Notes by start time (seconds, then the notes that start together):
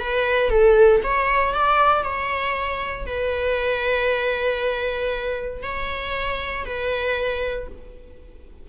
0.00 B4
0.50 A4
1.03 C#5
1.54 D5
2.04 C#5
3.06 B4
5.63 C#5
6.66 B4